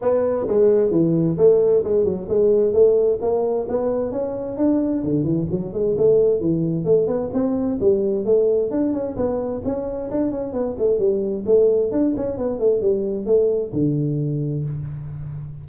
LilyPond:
\new Staff \with { instrumentName = "tuba" } { \time 4/4 \tempo 4 = 131 b4 gis4 e4 a4 | gis8 fis8 gis4 a4 ais4 | b4 cis'4 d'4 d8 e8 | fis8 gis8 a4 e4 a8 b8 |
c'4 g4 a4 d'8 cis'8 | b4 cis'4 d'8 cis'8 b8 a8 | g4 a4 d'8 cis'8 b8 a8 | g4 a4 d2 | }